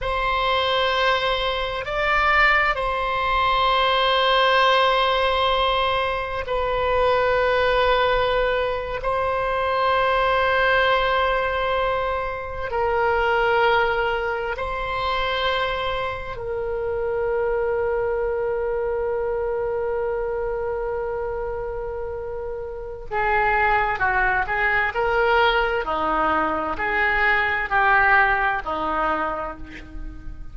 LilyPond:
\new Staff \with { instrumentName = "oboe" } { \time 4/4 \tempo 4 = 65 c''2 d''4 c''4~ | c''2. b'4~ | b'4.~ b'16 c''2~ c''16~ | c''4.~ c''16 ais'2 c''16~ |
c''4.~ c''16 ais'2~ ais'16~ | ais'1~ | ais'4 gis'4 fis'8 gis'8 ais'4 | dis'4 gis'4 g'4 dis'4 | }